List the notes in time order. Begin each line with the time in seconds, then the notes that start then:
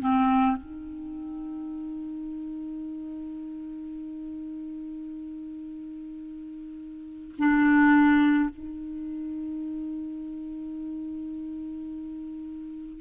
0.00 C4
0.57 D#4
7.38 D4
8.50 D#4